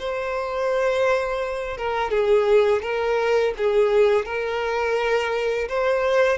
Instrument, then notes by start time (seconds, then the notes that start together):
violin
0.00 C5
1.78 A#4
2.11 G#4
2.83 A#4
3.58 G#4
4.26 A#4
5.69 C5